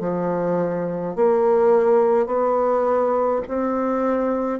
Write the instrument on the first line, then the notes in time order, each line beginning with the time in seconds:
bassoon
0.00 F3
1.15 A#3
2.26 B3
3.48 C4